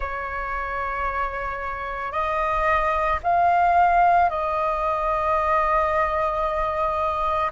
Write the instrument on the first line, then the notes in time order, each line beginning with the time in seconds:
flute
0.00 C#5
2.12 D#5
3.23 F5
4.29 D#5